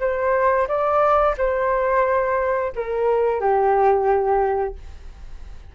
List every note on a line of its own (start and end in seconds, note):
0.00 0.67 C5
0.68 1.35 D5
1.38 2.72 C5
2.75 3.40 A#4
3.40 4.75 G4